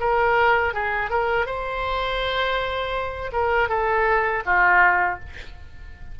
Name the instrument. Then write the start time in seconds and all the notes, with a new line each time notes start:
oboe
0.00 A#4
0.73 G#4
1.09 A#4
1.46 C5
3.32 A#4
3.69 A4
4.45 F4